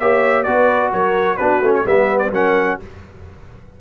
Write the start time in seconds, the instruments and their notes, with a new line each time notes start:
0.00 tuba A#3, trombone G4, horn C#5, trumpet E5
0.44 tuba B3, trombone F#4, horn B4, trumpet D5
0.93 tuba F#3, horn A#4, trumpet C#5
1.37 tuba B3, trombone D4, horn F#4, trumpet B4
1.62 tuba A3, trombone C#4
1.75 trumpet C#5
1.86 tuba G3, trombone B3, horn B4, trumpet E5
2.19 trumpet D5
2.31 tuba F#3, trombone C#4, horn A#4, trumpet F#5